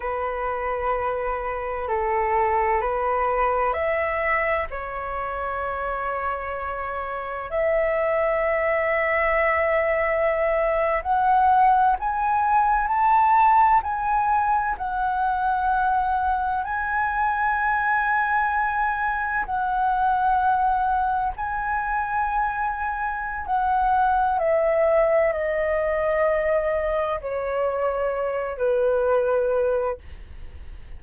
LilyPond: \new Staff \with { instrumentName = "flute" } { \time 4/4 \tempo 4 = 64 b'2 a'4 b'4 | e''4 cis''2. | e''2.~ e''8. fis''16~ | fis''8. gis''4 a''4 gis''4 fis''16~ |
fis''4.~ fis''16 gis''2~ gis''16~ | gis''8. fis''2 gis''4~ gis''16~ | gis''4 fis''4 e''4 dis''4~ | dis''4 cis''4. b'4. | }